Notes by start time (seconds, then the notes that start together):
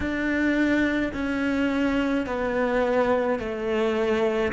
0.00 D4
1.13 C#4
2.26 B3
3.39 A3